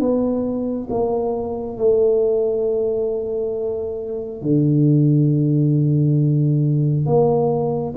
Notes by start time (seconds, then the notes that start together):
0.00 B3
0.90 A#3
1.78 A3
4.42 D3
7.06 A#3